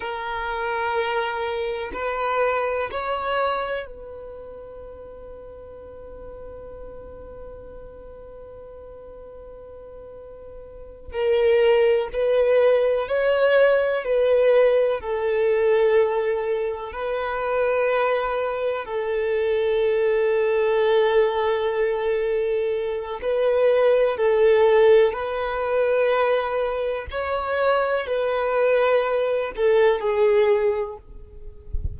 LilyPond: \new Staff \with { instrumentName = "violin" } { \time 4/4 \tempo 4 = 62 ais'2 b'4 cis''4 | b'1~ | b'2.~ b'8 ais'8~ | ais'8 b'4 cis''4 b'4 a'8~ |
a'4. b'2 a'8~ | a'1 | b'4 a'4 b'2 | cis''4 b'4. a'8 gis'4 | }